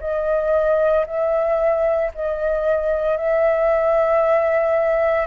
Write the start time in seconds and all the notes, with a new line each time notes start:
0.00 D#5
1.06 E5
2.14 D#5
3.17 E5